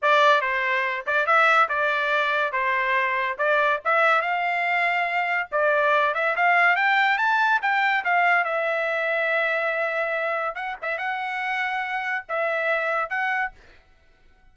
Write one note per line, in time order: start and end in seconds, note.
0.02 0.41 D5
0.41 1.04 C5
1.06 1.26 D5
1.26 1.68 E5
1.68 2.52 D5
2.52 3.37 C5
3.38 3.80 D5
3.84 4.21 E5
4.21 5.48 F5
5.51 6.14 D5
6.14 6.35 E5
6.36 6.75 F5
6.75 7.17 G5
7.17 7.60 A5
7.62 8.04 G5
8.04 8.44 F5
8.44 10.55 E5
10.55 10.76 F#5
10.81 10.98 E5
10.98 12.25 F#5
12.28 13.09 E5
13.09 13.51 F#5